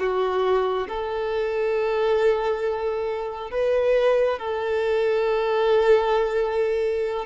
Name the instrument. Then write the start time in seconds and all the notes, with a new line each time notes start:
violin
0.00 F#4
0.89 A4
3.51 B4
4.39 A4